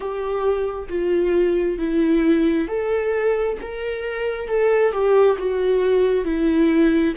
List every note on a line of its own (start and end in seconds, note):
0.00 0.88 G4
0.88 1.78 F4
1.78 2.67 E4
2.68 3.57 A4
3.61 4.48 A#4
4.48 4.92 A4
4.92 5.36 G4
5.38 6.24 F#4
6.24 7.14 E4